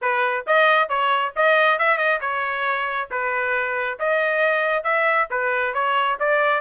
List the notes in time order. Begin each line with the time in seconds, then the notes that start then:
0.01 B4
0.47 D#5
0.88 C#5
1.36 D#5
1.78 E5
1.97 D#5
2.21 C#5
3.10 B4
3.99 D#5
4.83 E5
5.30 B4
5.74 C#5
6.19 D5